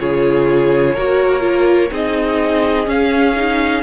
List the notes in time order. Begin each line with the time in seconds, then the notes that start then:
0.00 C#3 F4 G#4 C#5
0.94 A#3 F#4 A#4
1.41 F4
1.91 C4 D#4 G#4 D#5
2.86 C#4 F5
3.36 D#4